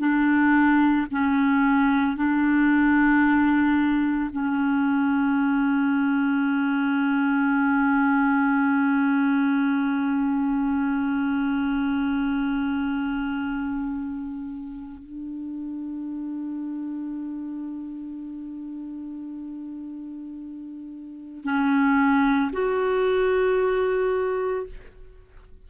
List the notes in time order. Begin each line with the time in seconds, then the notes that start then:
0.00 D4
1.12 C#4
2.17 D4
4.32 C#4
15.03 D4
21.44 C#4
22.52 F#4